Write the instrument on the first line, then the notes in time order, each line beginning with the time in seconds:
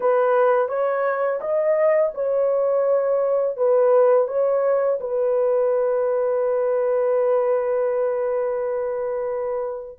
horn
0.00 B4
0.68 C#5
1.41 D#5
2.14 C#5
3.56 B4
4.27 C#5
5.00 B4